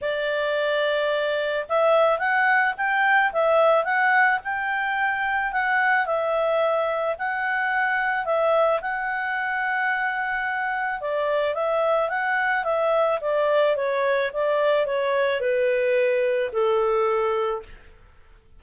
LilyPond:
\new Staff \with { instrumentName = "clarinet" } { \time 4/4 \tempo 4 = 109 d''2. e''4 | fis''4 g''4 e''4 fis''4 | g''2 fis''4 e''4~ | e''4 fis''2 e''4 |
fis''1 | d''4 e''4 fis''4 e''4 | d''4 cis''4 d''4 cis''4 | b'2 a'2 | }